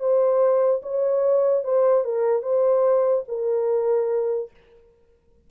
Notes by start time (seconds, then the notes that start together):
0.00 C5
0.83 C#5
1.65 C5
2.05 A#4
2.43 C5
3.28 A#4